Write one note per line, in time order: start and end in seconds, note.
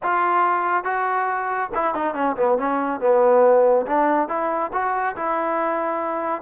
0.02 0.84 F4
0.84 1.69 F#4
1.74 1.94 E4
1.94 2.14 D#4
2.14 2.36 C#4
2.36 2.58 B3
2.58 3.00 C#4
3.00 3.86 B3
3.86 4.28 D4
4.28 4.71 E4
4.73 5.15 F#4
5.15 6.41 E4